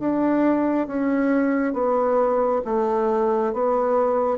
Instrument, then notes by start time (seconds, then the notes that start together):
bassoon
0.00 D4
0.87 C#4
1.74 B3
2.66 A3
3.54 B3